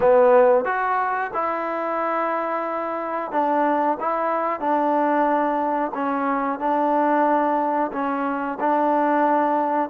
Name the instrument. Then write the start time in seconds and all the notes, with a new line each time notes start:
trombone
0.00 B3
0.64 F#4
1.33 E4
3.31 D4
4.00 E4
4.59 D4
5.94 C#4
6.59 D4
7.92 C#4
8.60 D4